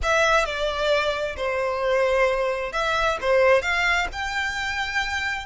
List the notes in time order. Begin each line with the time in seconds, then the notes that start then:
0.02 E5
0.45 D5
1.36 C5
2.72 E5
3.21 C5
3.62 F5
4.12 G5